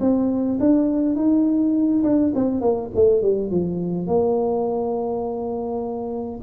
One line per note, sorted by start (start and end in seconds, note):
0.00 0.58 C4
0.59 1.15 D4
1.15 2.03 D#4
2.03 2.32 D4
2.35 2.61 C4
2.61 2.90 A#3
2.95 3.21 A3
3.21 3.50 G3
3.50 4.07 F3
4.07 6.40 A#3